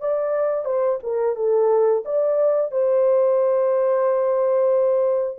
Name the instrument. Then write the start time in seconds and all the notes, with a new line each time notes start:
horn
0.00 D5
0.65 C5
1.03 A#4
1.36 A4
2.05 D5
2.71 C5